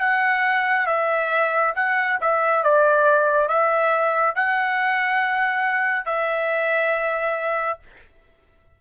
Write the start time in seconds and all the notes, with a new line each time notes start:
0.00 F#5
0.87 E5
1.75 F#5
2.21 E5
2.64 D5
3.49 E5
4.35 F#5
6.06 E5